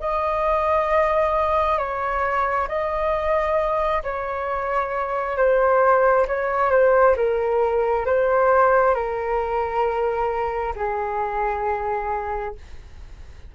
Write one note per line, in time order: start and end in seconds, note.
0.00 1.78 D#5
1.78 2.68 C#5
2.68 4.03 D#5
4.03 5.36 C#5
5.36 6.26 C5
6.27 6.71 C#5
6.71 7.16 C5
7.16 8.06 A#4
8.06 8.95 C5
8.95 10.74 A#4
10.76 12.55 G#4